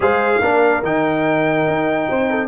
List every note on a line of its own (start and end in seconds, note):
0.00 0.40 G#3
0.00 0.41 G#4
0.00 0.42 C5
0.00 0.84 F5
0.41 0.82 A#3
0.41 0.83 D4
0.41 2.09 A#4
0.82 1.66 D#3
0.82 2.47 D#4
0.82 2.47 G5
1.67 2.09 D#4
2.09 2.47 C4
2.09 2.30 C5
2.30 2.47 A4